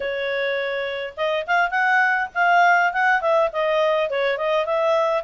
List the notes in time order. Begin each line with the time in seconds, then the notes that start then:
0.00 C#5
1.17 D#5
1.46 F5
1.70 F#5
2.34 F5
2.92 F#5
3.21 E5
3.52 D#5
4.10 C#5
4.37 D#5
4.65 E5